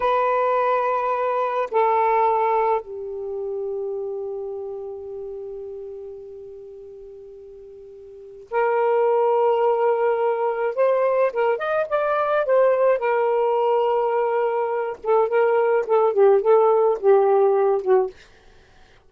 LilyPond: \new Staff \with { instrumentName = "saxophone" } { \time 4/4 \tempo 4 = 106 b'2. a'4~ | a'4 g'2.~ | g'1~ | g'2. ais'4~ |
ais'2. c''4 | ais'8 dis''8 d''4 c''4 ais'4~ | ais'2~ ais'8 a'8 ais'4 | a'8 g'8 a'4 g'4. fis'8 | }